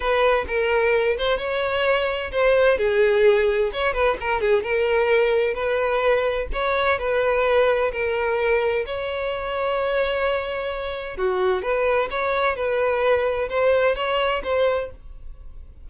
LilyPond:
\new Staff \with { instrumentName = "violin" } { \time 4/4 \tempo 4 = 129 b'4 ais'4. c''8 cis''4~ | cis''4 c''4 gis'2 | cis''8 b'8 ais'8 gis'8 ais'2 | b'2 cis''4 b'4~ |
b'4 ais'2 cis''4~ | cis''1 | fis'4 b'4 cis''4 b'4~ | b'4 c''4 cis''4 c''4 | }